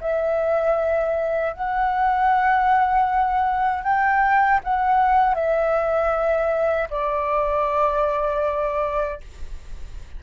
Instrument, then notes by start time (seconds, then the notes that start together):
flute
0.00 E5
1.53 F#5
3.83 G5
4.64 F#5
5.34 E5
6.90 D5